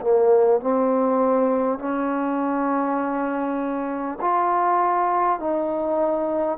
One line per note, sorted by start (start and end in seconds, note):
0.00 0.60 A#3
0.60 1.78 C4
1.78 4.18 C#4
4.20 5.39 F4
5.39 6.58 D#4